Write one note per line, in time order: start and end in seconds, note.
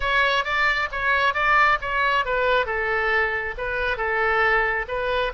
0.00 0.44 C#5
0.44 0.88 D5
0.91 1.33 C#5
1.33 1.78 D5
1.81 2.25 C#5
2.25 2.65 B4
2.65 3.54 A4
3.57 3.97 B4
3.97 4.86 A4
4.88 5.32 B4